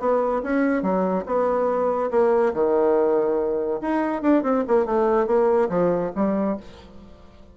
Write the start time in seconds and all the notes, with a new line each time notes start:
0.00 B3
0.43 C#4
0.83 F#3
1.26 B3
2.11 A#3
2.54 D#3
3.82 D#4
4.23 D4
4.43 C4
4.68 A#3
4.86 A3
5.27 A#3
5.70 F3
6.16 G3